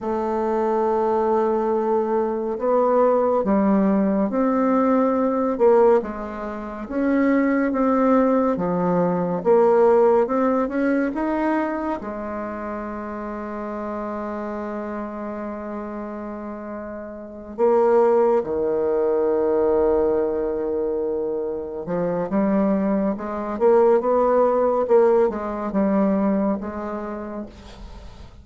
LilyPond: \new Staff \with { instrumentName = "bassoon" } { \time 4/4 \tempo 4 = 70 a2. b4 | g4 c'4. ais8 gis4 | cis'4 c'4 f4 ais4 | c'8 cis'8 dis'4 gis2~ |
gis1~ | gis8 ais4 dis2~ dis8~ | dis4. f8 g4 gis8 ais8 | b4 ais8 gis8 g4 gis4 | }